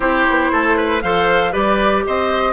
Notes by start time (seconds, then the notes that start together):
0.00 C4 E4 G4 C5
0.30 B3
0.52 A3 A4
0.76 B4
1.01 F3 A4 C5 F5
1.52 G3 G4 B4 D5
2.06 C4 C5 D#5